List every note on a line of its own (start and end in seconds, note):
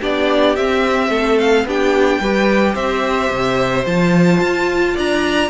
0.00 0.57 B3
0.00 0.57 D4
0.00 1.10 G4
0.00 0.56 D5
0.56 1.09 C4
0.56 1.67 C4
0.56 1.38 E5
1.09 1.64 A3
1.09 1.65 A4
1.38 1.66 F5
1.64 2.19 B3
1.64 2.22 D4
1.64 2.21 G4
1.64 2.75 G5
2.19 2.74 G3
2.19 3.87 G4
2.19 2.74 B4
2.74 3.30 C4
2.74 4.94 C5
2.74 3.85 E5
3.31 3.85 C3
3.85 4.40 F3
3.85 5.49 F4
3.85 4.96 A5
4.41 4.96 F4
4.94 5.49 D4
4.94 5.49 D5
4.94 5.49 A#5